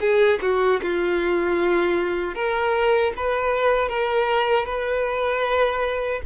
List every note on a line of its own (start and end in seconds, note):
0.00 0.39 G#4
0.41 0.80 F#4
0.82 2.35 F4
2.35 3.13 A#4
3.16 3.89 B4
3.89 4.65 A#4
4.65 6.21 B4